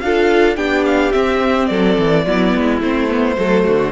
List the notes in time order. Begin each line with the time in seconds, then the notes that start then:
0.00 D4 F4 A4 F5
0.56 B3 D4 G4 G5
0.85 F5
1.12 C4 E5
1.66 F#3 A4 D5
1.99 E3
2.25 F#3 B3 E4
2.55 G#3
2.81 A3 C4 C5
3.08 B3
3.37 F#3 A3 A4
3.64 D3 F#4